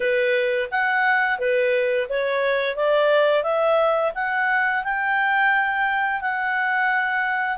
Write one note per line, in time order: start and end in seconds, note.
0.00 0.69 B4
0.71 1.38 F#5
1.38 2.07 B4
2.09 2.76 C#5
2.76 3.43 D5
3.43 4.12 E5
4.14 4.83 F#5
4.84 6.21 G5
6.21 7.57 F#5